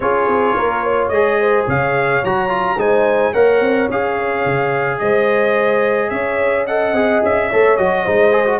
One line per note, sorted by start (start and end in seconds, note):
0.00 0.27 C#4
0.00 1.12 F4
0.00 0.56 G#4
0.00 1.08 C#5
0.27 0.55 C4
0.56 1.09 A#3
0.56 0.83 A#4
0.83 1.39 C#5
1.08 1.65 G#3
1.08 2.23 G#4
1.08 1.63 D#5
1.39 1.67 C5
1.67 2.22 C#3
1.67 2.78 C#5
1.67 2.24 F5
2.24 2.76 F#3
2.24 2.48 F#4
2.24 2.80 A#5
2.48 2.76 F4
2.76 3.32 G#3
2.76 3.33 D#4
2.76 3.32 C5
2.76 3.33 G#5
3.32 3.60 A#3
3.32 3.89 A#4
3.32 4.99 C#5
3.32 3.89 F#5
3.60 3.88 C4
3.89 4.45 C#4
3.89 6.68 G#4
3.89 4.98 F5
4.45 5.00 C#3
4.98 6.10 G#3
4.98 6.11 C5
4.98 6.09 D#5
6.09 6.92 C#4
6.09 6.65 C#5
6.09 6.65 E5
6.65 6.95 A4
6.65 7.49 D#5
6.65 7.22 F#5
6.92 7.20 C4
6.92 7.50 G#4
7.23 7.51 C#4
7.23 7.76 E5
7.49 7.78 A3
7.49 7.78 A4
7.49 8.03 C#5
7.76 8.06 F#3
7.76 8.06 F#4
7.76 8.60 D#5
8.03 8.60 G#3
8.03 8.31 D#4
8.03 8.58 C5
8.31 8.45 G#4
8.46 8.60 F#4